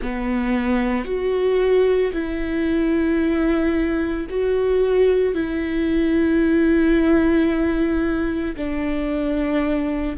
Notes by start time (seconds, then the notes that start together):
0.01 B3
1.05 F#4
2.12 E4
4.29 F#4
5.34 E4
8.56 D4